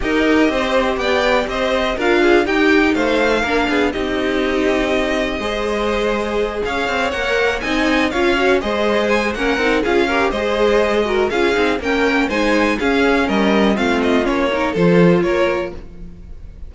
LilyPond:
<<
  \new Staff \with { instrumentName = "violin" } { \time 4/4 \tempo 4 = 122 dis''2 g''4 dis''4 | f''4 g''4 f''2 | dis''1~ | dis''4. f''4 fis''4 gis''8~ |
gis''8 f''4 dis''4 gis''8 fis''4 | f''4 dis''2 f''4 | g''4 gis''4 f''4 dis''4 | f''8 dis''8 cis''4 c''4 cis''4 | }
  \new Staff \with { instrumentName = "violin" } { \time 4/4 ais'4 c''4 d''4 c''4 | ais'8 gis'8 g'4 c''4 ais'8 gis'8 | g'2. c''4~ | c''4. cis''2 dis''8~ |
dis''8 cis''4 c''4. ais'4 | gis'8 ais'8 c''4. ais'8 gis'4 | ais'4 c''4 gis'4 ais'4 | f'4. ais'8 a'4 ais'4 | }
  \new Staff \with { instrumentName = "viola" } { \time 4/4 g'1 | f'4 dis'2 d'4 | dis'2. gis'4~ | gis'2~ gis'8 ais'4 dis'8~ |
dis'8 f'8 fis'8 gis'4. cis'8 dis'8 | f'8 g'8 gis'4. fis'8 f'8 dis'8 | cis'4 dis'4 cis'2 | c'4 cis'8 dis'8 f'2 | }
  \new Staff \with { instrumentName = "cello" } { \time 4/4 dis'4 c'4 b4 c'4 | d'4 dis'4 a4 ais8 b8 | c'2. gis4~ | gis4. cis'8 c'8 ais4 c'8~ |
c'8 cis'4 gis4. ais8 c'8 | cis'4 gis2 cis'8 c'8 | ais4 gis4 cis'4 g4 | a4 ais4 f4 ais4 | }
>>